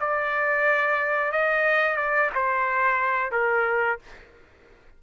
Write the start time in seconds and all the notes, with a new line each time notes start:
0.00 D5
1.32 D#5
1.96 D5
2.35 C5
3.32 A#4